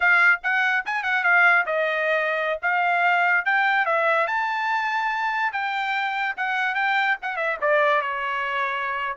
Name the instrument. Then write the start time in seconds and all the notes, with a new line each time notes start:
trumpet
0.00 F5
0.43 F#5
0.85 G#5
1.03 F#5
1.23 F5
1.66 D#5
2.62 F5
3.45 G5
3.85 E5
4.27 A5
5.52 G5
6.36 F#5
6.75 G5
7.22 F#5
7.36 E5
7.61 D5
8.01 C#5